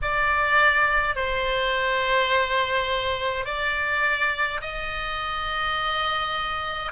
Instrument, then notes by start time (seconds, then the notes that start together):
oboe
0.02 D5
1.15 C5
3.45 D5
4.61 D#5